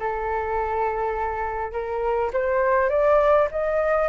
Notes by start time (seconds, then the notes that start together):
0.00 A4
1.72 A#4
2.33 C5
2.90 D5
3.51 D#5